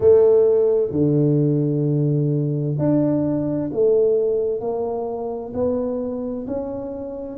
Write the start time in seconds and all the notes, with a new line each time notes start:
0.00 A3
0.91 D3
2.78 D4
3.72 A3
4.60 A#3
5.53 B3
6.46 C#4